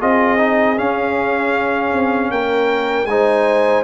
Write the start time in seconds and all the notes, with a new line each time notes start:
0.00 C4 F4 G#4 D#5
0.38 D#4
0.77 C#4 F5
1.93 C4
2.31 A#3 A#4 G5
3.06 G#3 D#4 C5 G#5